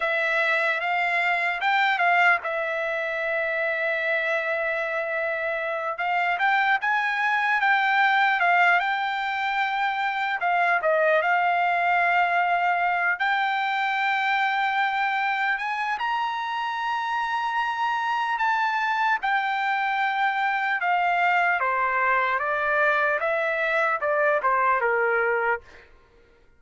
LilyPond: \new Staff \with { instrumentName = "trumpet" } { \time 4/4 \tempo 4 = 75 e''4 f''4 g''8 f''8 e''4~ | e''2.~ e''8 f''8 | g''8 gis''4 g''4 f''8 g''4~ | g''4 f''8 dis''8 f''2~ |
f''8 g''2. gis''8 | ais''2. a''4 | g''2 f''4 c''4 | d''4 e''4 d''8 c''8 ais'4 | }